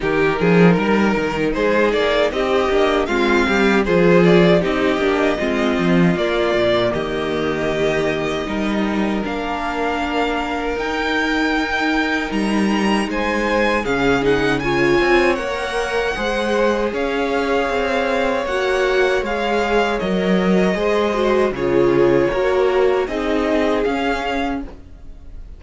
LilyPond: <<
  \new Staff \with { instrumentName = "violin" } { \time 4/4 \tempo 4 = 78 ais'2 c''8 d''8 dis''4 | f''4 c''8 d''8 dis''2 | d''4 dis''2. | f''2 g''2 |
ais''4 gis''4 f''8 fis''8 gis''4 | fis''2 f''2 | fis''4 f''4 dis''2 | cis''2 dis''4 f''4 | }
  \new Staff \with { instrumentName = "violin" } { \time 4/4 g'8 gis'8 ais'4 gis'4 g'4 | f'8 g'8 gis'4 g'4 f'4~ | f'4 g'2 ais'4~ | ais'1~ |
ais'4 c''4 gis'4 cis''4~ | cis''4 c''4 cis''2~ | cis''2. c''4 | gis'4 ais'4 gis'2 | }
  \new Staff \with { instrumentName = "viola" } { \time 4/4 dis'2.~ dis'8 d'8 | c'4 f'4 dis'8 d'8 c'4 | ais2. dis'4 | d'2 dis'2~ |
dis'2 cis'8 dis'8 f'4 | ais'4 gis'2. | fis'4 gis'4 ais'4 gis'8 fis'8 | f'4 fis'4 dis'4 cis'4 | }
  \new Staff \with { instrumentName = "cello" } { \time 4/4 dis8 f8 g8 dis8 gis8 ais8 c'8 ais8 | gis8 g8 f4 c'8 ais8 gis8 f8 | ais8 ais,8 dis2 g4 | ais2 dis'2 |
g4 gis4 cis4. c'8 | ais4 gis4 cis'4 c'4 | ais4 gis4 fis4 gis4 | cis4 ais4 c'4 cis'4 | }
>>